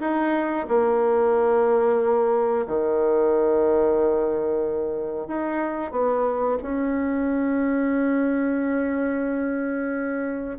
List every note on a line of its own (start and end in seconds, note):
0.00 0.66 D#4
0.68 2.66 A#3
2.66 5.27 D#3
5.27 5.91 D#4
5.91 6.57 B3
6.62 10.57 C#4